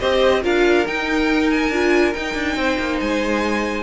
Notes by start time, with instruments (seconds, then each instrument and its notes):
0.00 cello C4, viola G4, violin C5 D#5
0.42 cello D4, viola F4, violin A#4 F5
0.87 cello D#4, viola D#4, violin G5
1.50 violin G#5
1.70 cello D4, viola F4
2.13 viola D#4, cello D#4, violin G5
2.34 cello D4
2.56 cello C4, violin C5
2.79 cello A#3
3.00 cello G#3, violin G#5